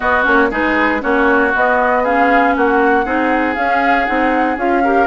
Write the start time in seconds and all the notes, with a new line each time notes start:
0.00 B3 F#4 D#5
0.23 A#3 C#4 C#5
0.51 G#3 D#4 G#4 B4
1.00 A#3 C#4 F#4 C#5
1.54 B3 D#5
2.03 C#4 G#4 F5
2.56 A#3 F#4 F#5
3.05 C4 D#4 G#4
3.55 C#4 F5
4.05 C4 D#4 F#5
4.56 C#4 F4 F5
4.84 G4 A#4